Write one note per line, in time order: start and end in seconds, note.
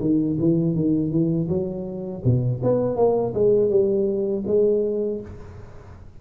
0.00 0.37 D#3
0.39 0.75 E3
0.75 1.10 D#3
1.10 1.47 E3
1.48 2.23 F#3
2.24 2.61 B2
2.63 2.96 B3
2.96 3.33 A#3
3.34 3.69 G#3
3.69 4.43 G3
4.46 5.21 G#3